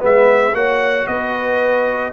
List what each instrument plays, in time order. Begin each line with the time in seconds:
0.00 tuba G#3, trombone B3, horn B4, trumpet E5
0.54 tuba A#3, trombone F#4, horn C#5, trumpet F#5
1.07 tuba B3, horn B4, trumpet D#5